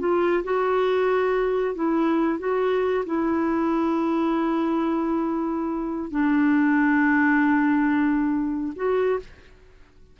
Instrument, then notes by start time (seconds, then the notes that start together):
clarinet
0.00 F4
0.44 F#4
1.76 E4
2.39 F#4
3.06 E4
6.11 D4
8.76 F#4